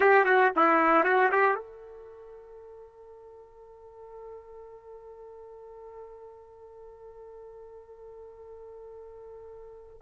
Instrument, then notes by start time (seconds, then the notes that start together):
trumpet
0.00 G4
0.25 F#4
0.56 E4
1.04 F#4
1.31 G4
1.55 A4